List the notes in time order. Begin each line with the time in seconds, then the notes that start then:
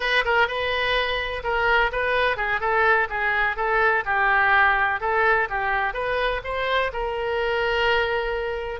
0.00 B4
0.24 A#4
0.47 B4
1.43 A#4
1.92 B4
2.36 G#4
2.60 A4
3.09 G#4
3.56 A4
4.05 G4
5.00 A4
5.49 G4
5.93 B4
6.44 C5
6.92 A#4